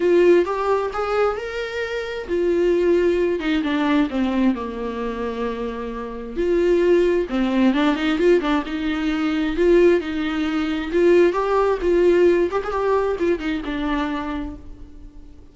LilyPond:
\new Staff \with { instrumentName = "viola" } { \time 4/4 \tempo 4 = 132 f'4 g'4 gis'4 ais'4~ | ais'4 f'2~ f'8 dis'8 | d'4 c'4 ais2~ | ais2 f'2 |
c'4 d'8 dis'8 f'8 d'8 dis'4~ | dis'4 f'4 dis'2 | f'4 g'4 f'4. g'16 gis'16 | g'4 f'8 dis'8 d'2 | }